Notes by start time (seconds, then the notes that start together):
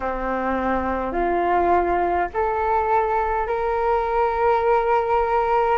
0.00 C4
1.12 F4
2.33 A4
3.47 A#4